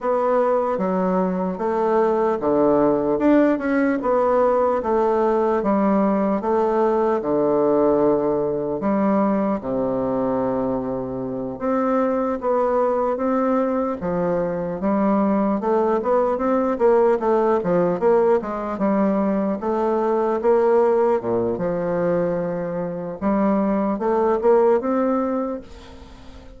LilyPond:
\new Staff \with { instrumentName = "bassoon" } { \time 4/4 \tempo 4 = 75 b4 fis4 a4 d4 | d'8 cis'8 b4 a4 g4 | a4 d2 g4 | c2~ c8 c'4 b8~ |
b8 c'4 f4 g4 a8 | b8 c'8 ais8 a8 f8 ais8 gis8 g8~ | g8 a4 ais4 ais,8 f4~ | f4 g4 a8 ais8 c'4 | }